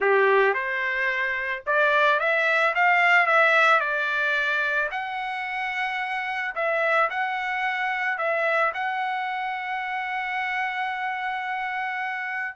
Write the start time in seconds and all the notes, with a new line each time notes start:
0.00 G4
0.54 C5
1.66 D5
2.19 E5
2.74 F5
3.26 E5
3.80 D5
4.91 F#5
6.55 E5
7.10 F#5
8.17 E5
8.74 F#5